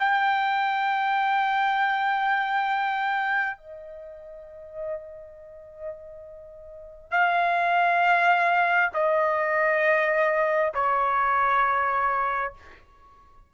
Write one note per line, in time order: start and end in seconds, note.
0.00 3.57 G5
3.57 7.12 D#5
7.12 8.91 F5
8.94 10.73 D#5
10.75 12.54 C#5